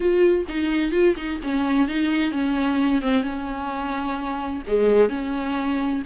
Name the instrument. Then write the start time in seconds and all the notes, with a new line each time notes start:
viola
0.00 F4
0.48 D#4
0.91 F4
1.16 D#4
1.43 C#4
1.87 D#4
2.31 C#4
3.01 C4
3.22 C#4
4.67 G#3
5.09 C#4